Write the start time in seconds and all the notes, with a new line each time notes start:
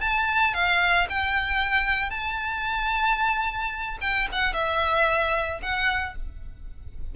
0.00 A5
0.54 F5
1.09 G5
2.10 A5
4.01 G5
4.32 F#5
4.53 E5
5.62 F#5